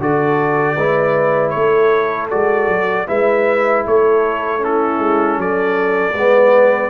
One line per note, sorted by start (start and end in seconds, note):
0.00 0.77 D3
0.00 0.77 F#4
0.00 0.76 A4
0.00 1.50 D5
0.76 1.54 G#3
0.76 2.31 E4
0.76 1.53 B4
1.50 2.32 A3
1.50 2.27 C#5
1.56 3.08 A4
2.31 2.68 G#3
2.31 3.07 F#4
2.31 3.08 D5
2.68 3.07 F#3
3.07 3.86 G#3
3.07 4.59 E4
3.07 3.85 B4
3.07 3.85 E5
3.87 4.99 A3
3.87 4.64 A4
3.87 4.64 C#5
4.59 6.13 C#4
4.59 5.40 E4
4.59 5.41 A4
4.99 5.38 G#3
5.38 6.14 F#3
5.38 6.14 A4
5.38 6.90 D5
6.14 6.90 G#3
6.14 6.90 B3
6.14 6.90 B4